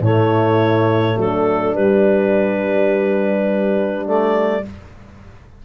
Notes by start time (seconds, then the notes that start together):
0.00 A2 A3 E4 C#5
1.16 F#3 D4 A4
1.75 G3 B4
4.05 A3 D5